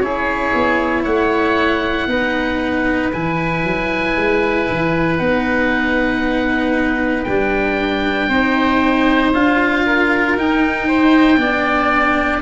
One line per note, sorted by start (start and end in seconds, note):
0.00 0.52 C#4
0.00 2.09 E4
0.00 1.03 G#4
0.00 1.03 C#5
0.54 1.06 B3
1.03 2.07 A3
1.03 2.06 C#5
1.03 3.11 F#5
2.07 3.10 B3
2.07 3.12 D#4
2.07 8.29 B4
3.13 3.64 E3
3.13 5.19 E4
3.13 5.18 G#5
3.64 4.16 F#3
4.16 4.68 G#3
4.69 5.20 E3
5.18 7.27 B3
5.18 7.26 D#4
5.18 7.23 F#5
7.23 8.28 G3
7.23 8.31 D4
7.23 9.30 G5
8.28 9.32 C4
8.28 9.34 D#4
8.28 9.84 C5
9.34 10.36 D4
9.34 10.37 F4
9.34 10.37 F5
9.86 10.88 A#4
10.36 11.37 D#4
10.36 11.38 D#4
10.36 12.42 G5
10.88 11.39 C5
11.37 12.41 B3
11.37 12.41 D4
11.37 12.42 D5